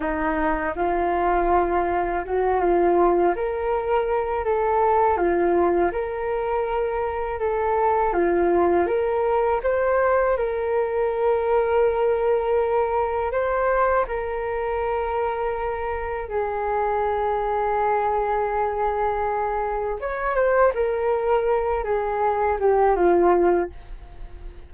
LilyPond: \new Staff \with { instrumentName = "flute" } { \time 4/4 \tempo 4 = 81 dis'4 f'2 fis'8 f'8~ | f'8 ais'4. a'4 f'4 | ais'2 a'4 f'4 | ais'4 c''4 ais'2~ |
ais'2 c''4 ais'4~ | ais'2 gis'2~ | gis'2. cis''8 c''8 | ais'4. gis'4 g'8 f'4 | }